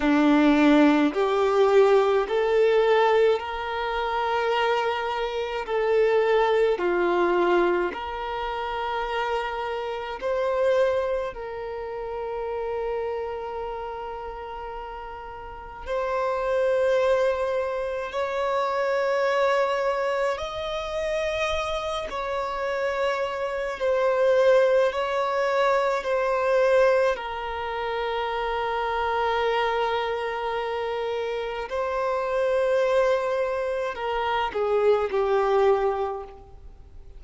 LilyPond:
\new Staff \with { instrumentName = "violin" } { \time 4/4 \tempo 4 = 53 d'4 g'4 a'4 ais'4~ | ais'4 a'4 f'4 ais'4~ | ais'4 c''4 ais'2~ | ais'2 c''2 |
cis''2 dis''4. cis''8~ | cis''4 c''4 cis''4 c''4 | ais'1 | c''2 ais'8 gis'8 g'4 | }